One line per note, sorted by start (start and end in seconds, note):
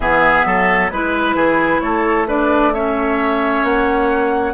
0.00 0.44 E3
0.00 0.92 B3
0.00 0.46 G#4
0.00 0.90 E5
0.45 0.90 F#3
0.45 0.91 A4
0.90 1.34 G#3
0.90 2.27 E4
0.90 1.80 B4
0.90 1.35 B4
1.34 1.80 E3
1.34 1.80 G#4
1.80 3.63 A3
1.80 2.27 A4
1.80 2.25 C#5
2.27 2.73 D4
2.27 2.73 B4
2.27 2.73 D5
2.73 4.54 C#4
2.73 4.54 C#5
2.73 3.64 E5
3.63 4.54 A#3
3.63 4.54 F#5